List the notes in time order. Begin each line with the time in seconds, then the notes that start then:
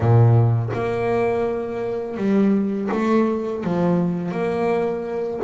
0.00 A#2
0.73 A#3
2.17 G3
2.91 A3
3.63 F3
4.31 A#3